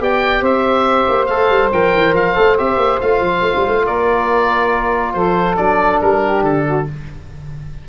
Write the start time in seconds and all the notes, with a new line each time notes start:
0.00 B3 G4 D5 G5
0.41 C4 C5 E5
1.09 A#3
1.26 A3 A4 F5
1.50 G3
1.73 F3 A#4 G5
1.95 E3
2.14 F3 F5
2.35 A3 A4
2.58 C4 G4 E5
2.77 A#3
3.01 A3 F4 F5
3.21 F3
3.42 A3
3.56 G3
3.68 A3
3.85 A#3 A#4 D5
5.14 F3 A4 C5
5.56 F#3 D4 D5
6.02 G3 A#4
6.24 G4
6.44 D3 A4
6.67 F#4